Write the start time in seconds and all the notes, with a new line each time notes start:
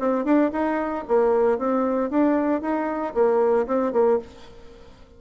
0.00 C4
0.25 D4
0.53 D#4
1.08 A#3
1.59 C4
2.11 D4
2.62 D#4
3.15 A#3
3.67 C4
3.93 A#3